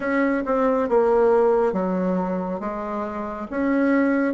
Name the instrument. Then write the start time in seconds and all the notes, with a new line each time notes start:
bassoon
0.00 C#4
0.45 C4
0.88 A#3
1.72 F#3
2.60 G#3
3.50 C#4